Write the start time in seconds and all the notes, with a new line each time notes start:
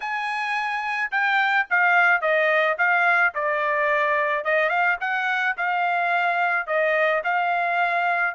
0.00 G#5
1.11 G5
1.70 F5
2.21 D#5
2.78 F5
3.34 D5
4.44 D#5
4.69 F5
5.00 F#5
5.57 F5
6.66 D#5
7.24 F5